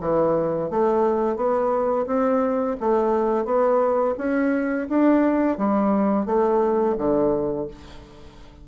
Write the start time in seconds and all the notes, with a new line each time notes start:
0.00 E3
0.70 A3
1.36 B3
2.06 C4
2.80 A3
3.44 B3
4.18 C#4
4.88 D4
5.58 G3
6.25 A3
6.97 D3